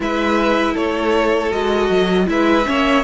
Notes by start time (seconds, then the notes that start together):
0.00 G#3 E4 B4 E5
0.73 A3 A4 C#5
1.51 G#3 F#4 D#5
1.89 F#3
2.26 G#3 E4 B4 E5
2.66 A#3 C#4 C#5